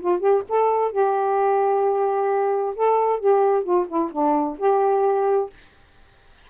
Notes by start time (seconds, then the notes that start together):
0.00 F4
0.19 G4
0.48 A4
0.92 G4
2.75 A4
3.20 G4
3.63 F4
3.87 E4
4.11 D4
4.58 G4